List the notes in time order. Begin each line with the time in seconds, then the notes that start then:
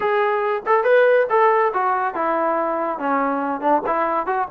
0.00 G#4
0.65 A4
0.84 B4
1.29 A4
1.73 F#4
2.14 E4
2.99 C#4
3.60 D4
3.86 E4
4.26 F#4